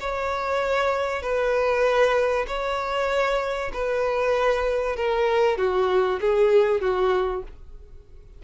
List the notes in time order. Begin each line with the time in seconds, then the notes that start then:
0.00 C#5
1.22 B4
2.47 C#5
3.73 B4
4.96 A#4
5.58 F#4
6.21 G#4
6.81 F#4